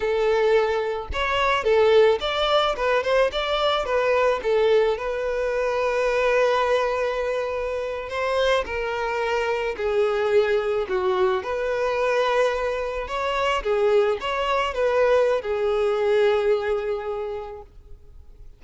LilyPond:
\new Staff \with { instrumentName = "violin" } { \time 4/4 \tempo 4 = 109 a'2 cis''4 a'4 | d''4 b'8 c''8 d''4 b'4 | a'4 b'2.~ | b'2~ b'8. c''4 ais'16~ |
ais'4.~ ais'16 gis'2 fis'16~ | fis'8. b'2. cis''16~ | cis''8. gis'4 cis''4 b'4~ b'16 | gis'1 | }